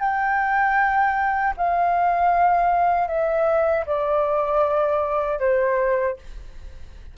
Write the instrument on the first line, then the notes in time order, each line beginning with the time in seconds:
flute
0.00 G5
1.57 F5
3.08 E5
3.86 D5
5.40 C5